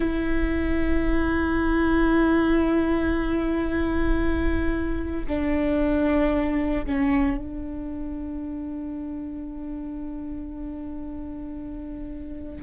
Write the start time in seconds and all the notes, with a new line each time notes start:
0.00 E4
5.27 D4
6.86 C#4
7.37 D4